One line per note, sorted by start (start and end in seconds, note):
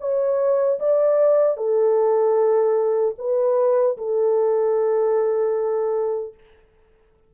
0.00 0.79 C#5
0.79 1.57 D5
1.57 3.15 A4
3.18 3.97 B4
3.97 6.34 A4